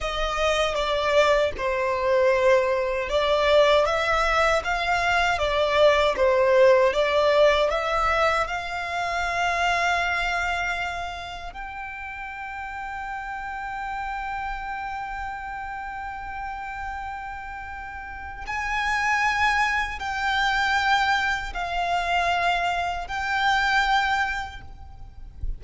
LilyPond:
\new Staff \with { instrumentName = "violin" } { \time 4/4 \tempo 4 = 78 dis''4 d''4 c''2 | d''4 e''4 f''4 d''4 | c''4 d''4 e''4 f''4~ | f''2. g''4~ |
g''1~ | g''1 | gis''2 g''2 | f''2 g''2 | }